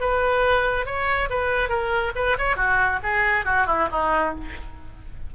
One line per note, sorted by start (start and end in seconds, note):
0.00 0.85 B4
0.85 1.29 C#5
1.29 1.69 B4
1.69 2.12 A#4
2.15 2.37 B4
2.38 2.56 C#5
2.56 2.99 F#4
3.03 3.45 G#4
3.45 3.66 F#4
3.67 3.88 E4
3.91 4.34 D#4